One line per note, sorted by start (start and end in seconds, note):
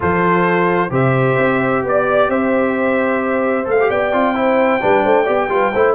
0.00 0.90 F3
0.00 0.90 F4
0.00 0.91 A4
0.00 0.93 C5
0.90 1.36 C3
0.90 3.65 G4
0.90 1.82 C5
0.90 1.85 E5
1.37 1.83 C4
1.83 2.28 B3
1.83 2.30 D5
2.28 3.65 C4
2.28 3.89 C5
2.28 3.67 E5
3.65 3.90 A3
3.65 3.76 A4
3.65 3.90 F5
3.80 4.13 G4
3.89 4.12 B3
3.89 4.35 D5
3.89 5.94 G5
4.12 4.81 C4
4.12 4.34 F4
4.34 4.80 E4
4.34 4.81 C5
4.81 5.05 G3
4.81 5.25 D4
4.81 5.02 B4
5.02 5.28 A3
5.02 5.23 C5
5.23 5.48 B3
5.23 5.48 G4
5.23 5.46 D5
5.48 5.71 G3
5.48 5.72 F4
5.48 5.72 B4
5.72 5.94 A3
5.72 5.94 E4
5.72 5.94 C5